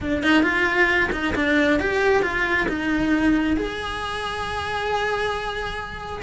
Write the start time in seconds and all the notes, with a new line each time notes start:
0.00 D4
0.22 D#4
0.42 F4
1.12 D#4
1.35 D4
1.79 G4
2.22 F4
2.68 D#4
3.57 G#4